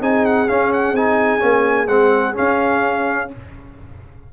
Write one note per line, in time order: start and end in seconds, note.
0.00 0.48 C4
0.00 0.48 D#4
0.00 3.31 G#4
0.00 0.26 G#5
0.26 0.49 F#5
0.49 0.96 C#4
0.49 0.92 C#4
0.49 0.72 F5
0.73 0.96 F#5
0.92 1.39 C4
0.92 1.40 D#4
0.92 1.87 G#5
1.40 1.88 A#3
1.40 1.87 C#4
1.87 2.35 G#3
1.87 2.34 C4
1.87 2.35 F#5
2.34 3.29 C#4
2.34 3.33 C#4
2.34 3.32 F5